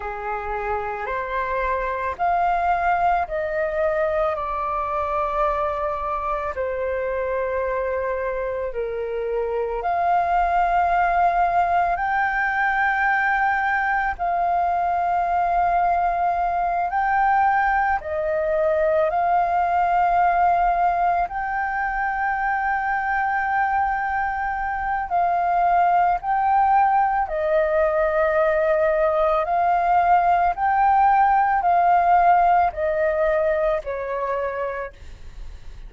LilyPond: \new Staff \with { instrumentName = "flute" } { \time 4/4 \tempo 4 = 55 gis'4 c''4 f''4 dis''4 | d''2 c''2 | ais'4 f''2 g''4~ | g''4 f''2~ f''8 g''8~ |
g''8 dis''4 f''2 g''8~ | g''2. f''4 | g''4 dis''2 f''4 | g''4 f''4 dis''4 cis''4 | }